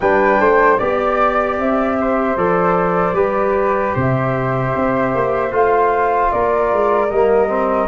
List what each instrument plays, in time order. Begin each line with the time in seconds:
0.00 tuba G3, trombone D4, flute B4 G5
0.39 tuba A3, flute C5
0.77 tuba B3, trombone G4, flute D5
1.58 tuba C4, flute E5
2.00 flute C5
2.36 tuba F3, trombone A4, flute D5
3.12 tuba G3, trombone G4, flute B4
3.94 tuba C3, flute C5 E5
4.75 tuba C4
5.14 tuba A#3
5.51 tuba A3, trombone F4, flute F5
6.31 tuba A#3, flute A#4 D5
6.72 tuba G#3
7.09 tuba G3, trombone A#3, flute D#5
7.48 trombone C4